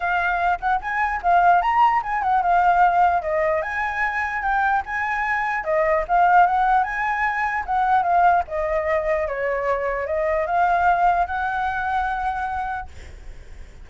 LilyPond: \new Staff \with { instrumentName = "flute" } { \time 4/4 \tempo 4 = 149 f''4. fis''8 gis''4 f''4 | ais''4 gis''8 fis''8 f''2 | dis''4 gis''2 g''4 | gis''2 dis''4 f''4 |
fis''4 gis''2 fis''4 | f''4 dis''2 cis''4~ | cis''4 dis''4 f''2 | fis''1 | }